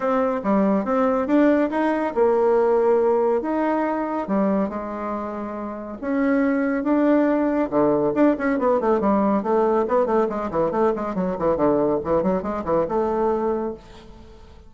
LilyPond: \new Staff \with { instrumentName = "bassoon" } { \time 4/4 \tempo 4 = 140 c'4 g4 c'4 d'4 | dis'4 ais2. | dis'2 g4 gis4~ | gis2 cis'2 |
d'2 d4 d'8 cis'8 | b8 a8 g4 a4 b8 a8 | gis8 e8 a8 gis8 fis8 e8 d4 | e8 fis8 gis8 e8 a2 | }